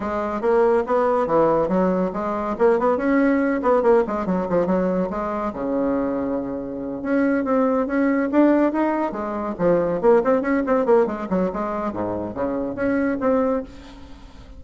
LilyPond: \new Staff \with { instrumentName = "bassoon" } { \time 4/4 \tempo 4 = 141 gis4 ais4 b4 e4 | fis4 gis4 ais8 b8 cis'4~ | cis'8 b8 ais8 gis8 fis8 f8 fis4 | gis4 cis2.~ |
cis8 cis'4 c'4 cis'4 d'8~ | d'8 dis'4 gis4 f4 ais8 | c'8 cis'8 c'8 ais8 gis8 fis8 gis4 | gis,4 cis4 cis'4 c'4 | }